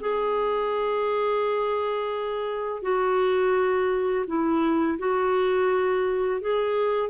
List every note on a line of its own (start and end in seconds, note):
0.00 2.82 G#4
2.82 4.25 F#4
4.27 4.98 E4
4.98 6.41 F#4
6.41 7.09 G#4